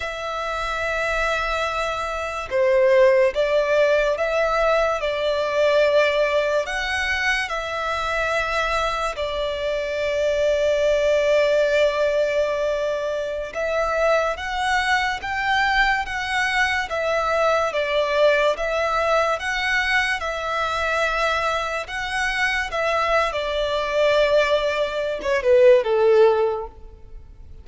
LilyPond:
\new Staff \with { instrumentName = "violin" } { \time 4/4 \tempo 4 = 72 e''2. c''4 | d''4 e''4 d''2 | fis''4 e''2 d''4~ | d''1~ |
d''16 e''4 fis''4 g''4 fis''8.~ | fis''16 e''4 d''4 e''4 fis''8.~ | fis''16 e''2 fis''4 e''8. | d''2~ d''16 cis''16 b'8 a'4 | }